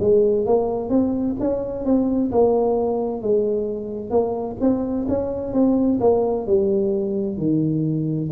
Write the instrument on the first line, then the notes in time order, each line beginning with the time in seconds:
tuba
0.00 G#3
0.46 A#3
0.90 C4
1.40 C#4
1.85 C4
2.32 A#3
3.22 G#3
4.10 A#3
4.61 C4
5.08 C#4
5.53 C4
6.00 A#3
6.47 G3
7.38 D#3